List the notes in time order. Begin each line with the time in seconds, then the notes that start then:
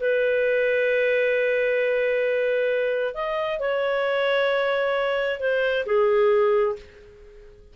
0.00 B4
3.14 D#5
3.59 C#5
5.40 C5
5.85 G#4